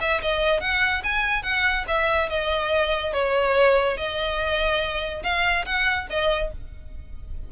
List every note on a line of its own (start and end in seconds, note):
0.00 0.21 E5
0.21 0.60 D#5
0.60 1.02 F#5
1.03 1.42 G#5
1.42 1.84 F#5
1.87 2.29 E5
2.29 3.13 D#5
3.13 3.97 C#5
3.97 5.23 D#5
5.23 5.65 F5
5.65 6.07 F#5
6.10 6.51 D#5